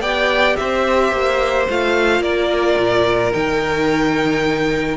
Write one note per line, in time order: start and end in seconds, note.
0.00 0.55 B3
0.00 1.68 G4
0.00 0.56 D5
0.00 0.56 G5
0.56 1.12 C4
0.56 2.22 C5
0.56 1.66 E5
1.12 1.67 A#3
1.69 2.20 A3
1.69 3.32 F4
1.69 2.22 F5
2.20 2.75 A#3
2.20 4.97 A#4
2.20 3.32 D5
2.78 3.33 A#2
3.32 4.97 D#3
3.32 4.97 D#4
3.32 4.97 G5